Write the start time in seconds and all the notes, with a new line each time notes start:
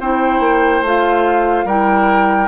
0.00 C4 E4 C5 G5
0.40 A#3
0.81 A3 F4 F5
1.65 G3 E4 A#4 G5